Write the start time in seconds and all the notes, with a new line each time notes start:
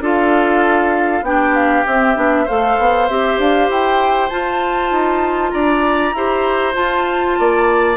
0.00 D4 F4 A4 F5
1.22 B3 D4 G4 G5
1.55 F5
1.86 C4 E5
2.15 B3 D4
2.45 A3 A4 C5 F5
2.78 B3
3.08 C4 G4 E5
3.38 D4 F5
3.69 E4 G5
4.29 F4 A5
4.91 D#4
5.51 D4 D5 A#5
6.13 E4 G4 C5
6.74 F4 A5
7.39 A#3 D5